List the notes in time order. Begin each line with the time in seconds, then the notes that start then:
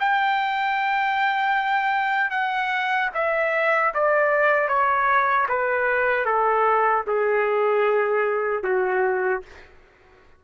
0.00 G5
2.31 F#5
3.15 E5
3.94 D5
4.69 C#5
5.49 B4
6.26 A4
7.07 G#4
8.64 F#4